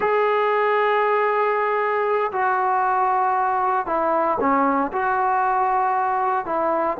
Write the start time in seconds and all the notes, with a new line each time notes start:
0.00 G#4
2.32 F#4
3.86 E4
4.39 C#4
4.92 F#4
6.45 E4